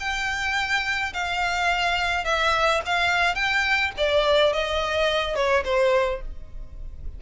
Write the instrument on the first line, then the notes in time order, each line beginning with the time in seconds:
violin
0.00 G5
1.14 F5
2.25 E5
2.86 F5
3.35 G5
3.98 D5
4.53 D#5
5.35 C#5
5.65 C5